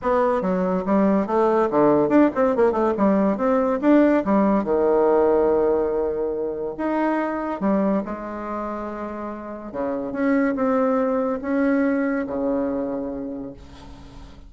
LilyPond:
\new Staff \with { instrumentName = "bassoon" } { \time 4/4 \tempo 4 = 142 b4 fis4 g4 a4 | d4 d'8 c'8 ais8 a8 g4 | c'4 d'4 g4 dis4~ | dis1 |
dis'2 g4 gis4~ | gis2. cis4 | cis'4 c'2 cis'4~ | cis'4 cis2. | }